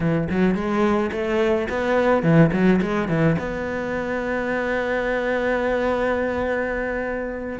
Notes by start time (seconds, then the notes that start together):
0.00 E3
0.29 F#3
0.54 G#3
1.11 A3
1.69 B3
2.23 E3
2.52 F#3
2.81 G#3
3.08 E3
3.38 B3